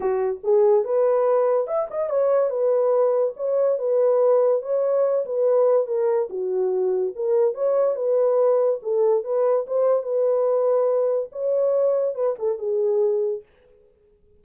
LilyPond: \new Staff \with { instrumentName = "horn" } { \time 4/4 \tempo 4 = 143 fis'4 gis'4 b'2 | e''8 dis''8 cis''4 b'2 | cis''4 b'2 cis''4~ | cis''8 b'4. ais'4 fis'4~ |
fis'4 ais'4 cis''4 b'4~ | b'4 a'4 b'4 c''4 | b'2. cis''4~ | cis''4 b'8 a'8 gis'2 | }